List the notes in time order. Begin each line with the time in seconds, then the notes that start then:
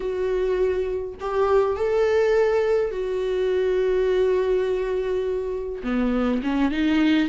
0.00 F#4
1.20 G4
1.76 A4
2.91 F#4
5.83 B3
6.43 C#4
6.71 D#4